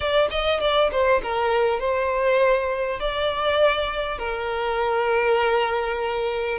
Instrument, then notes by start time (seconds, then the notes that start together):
violin
0.00 D5
0.30 D#5
0.60 D5
0.91 C5
1.22 A#4
1.79 C5
2.99 D5
4.18 A#4